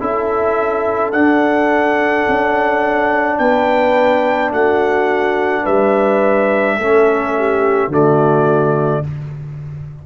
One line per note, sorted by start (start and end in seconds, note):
0.00 1.13 C#4
0.00 1.13 E4
0.00 3.39 A4
0.00 1.12 E5
1.12 2.26 D4
1.12 6.80 D4
1.12 3.39 F#5
2.28 3.39 C#4
3.39 4.52 B3
3.39 4.53 B4
3.39 4.52 G5
4.52 5.65 A3
4.52 5.63 F#4
4.52 5.66 F#5
5.63 6.79 G3
5.63 6.76 B4
5.63 7.92 E5
6.78 7.88 A3
6.78 7.91 C#4
6.78 7.34 A4
7.38 7.90 G4
7.88 9.02 D3
7.88 9.04 A3
7.88 9.03 F#4
7.88 9.06 D5